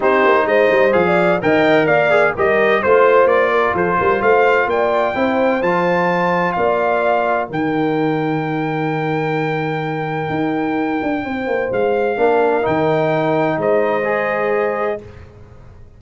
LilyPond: <<
  \new Staff \with { instrumentName = "trumpet" } { \time 4/4 \tempo 4 = 128 c''4 dis''4 f''4 g''4 | f''4 dis''4 c''4 d''4 | c''4 f''4 g''2 | a''2 f''2 |
g''1~ | g''1~ | g''4 f''2 g''4~ | g''4 dis''2. | }
  \new Staff \with { instrumentName = "horn" } { \time 4/4 g'4 c''4~ c''16 d''8. dis''4 | d''4 ais'4 c''4. ais'8 | a'8 ais'8 c''4 d''4 c''4~ | c''2 d''2 |
ais'1~ | ais'1 | c''2 ais'2~ | ais'4 c''2. | }
  \new Staff \with { instrumentName = "trombone" } { \time 4/4 dis'2 gis'4 ais'4~ | ais'8 gis'8 g'4 f'2~ | f'2. e'4 | f'1 |
dis'1~ | dis'1~ | dis'2 d'4 dis'4~ | dis'2 gis'2 | }
  \new Staff \with { instrumentName = "tuba" } { \time 4/4 c'8 ais8 gis8 g8 f4 dis4 | ais4 g4 a4 ais4 | f8 g8 a4 ais4 c'4 | f2 ais2 |
dis1~ | dis2 dis'4. d'8 | c'8 ais8 gis4 ais4 dis4~ | dis4 gis2. | }
>>